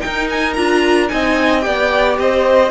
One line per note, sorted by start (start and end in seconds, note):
0.00 0.54 D#4
0.00 0.56 D#4
0.00 1.11 A#4
0.00 0.27 G5
0.30 0.53 G#5
0.53 1.10 D4
0.53 1.08 F4
0.53 1.07 A#5
1.08 1.65 C4
1.08 1.60 D#4
1.08 1.65 D#5
1.08 1.61 G#5
1.60 2.18 B3
1.60 2.69 G4
1.60 2.19 D5
1.60 2.15 G5
2.18 2.71 C4
2.18 2.71 C5
2.18 2.71 D#5